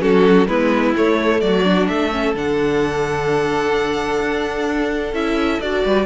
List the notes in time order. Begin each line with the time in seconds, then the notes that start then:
0.00 F#3 C#4 F#4 A4
0.47 G#3 B3 E4 B4
0.95 A3 C#5
1.41 F#3 F#4 D5
1.64 D4
1.88 A3 A4 E5
2.11 C#4
2.35 D3 D4 F#5
4.20 D4
5.13 C#4 E4 E5
5.60 D4 F#4 D5
5.84 G3 B4